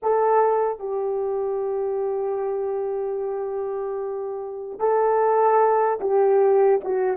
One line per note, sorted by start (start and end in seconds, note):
0.02 0.79 A4
0.79 4.79 G4
4.79 5.99 A4
6.00 6.80 G4
6.84 7.17 F#4